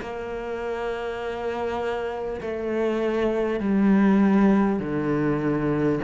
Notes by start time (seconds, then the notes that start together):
0.00 A#3
2.41 A3
3.59 G3
4.79 D3